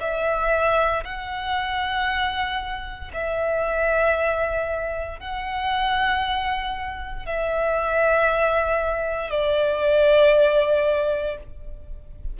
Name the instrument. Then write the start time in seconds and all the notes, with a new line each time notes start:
violin
0.00 E5
1.04 F#5
3.13 E5
5.19 F#5
7.26 E5
9.30 D5